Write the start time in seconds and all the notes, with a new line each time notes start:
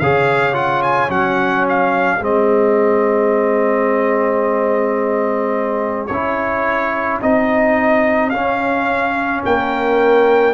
0.00 C#3 G#4 C#5 F5
0.54 F4 F#5
0.83 G#5
1.09 F#3 C#4 F#5
1.69 F5
2.20 G#3 C4 G#4 D#5
6.07 C#4 C#5
6.14 E4
7.22 C4 D#4 D#5
8.30 C#4 F5
9.46 A#3 A#4 G5